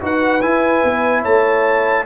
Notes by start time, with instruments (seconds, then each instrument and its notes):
0.00 tuba D#4, trombone F#4, horn B4, trumpet F#5
0.41 trombone E4, tuba E4, trumpet G#5
0.84 tuba B3
1.21 tuba A3, horn C#5, trumpet A5